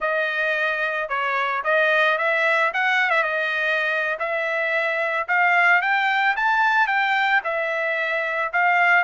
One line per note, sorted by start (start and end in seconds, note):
0.00 1.08 D#5
1.08 1.62 C#5
1.63 2.17 D#5
2.18 2.72 E5
2.73 3.10 F#5
3.10 3.23 E5
3.23 4.17 D#5
4.19 5.27 E5
5.28 5.81 F5
5.81 6.35 G5
6.36 6.87 A5
6.87 7.41 G5
7.43 8.52 E5
8.53 9.04 F5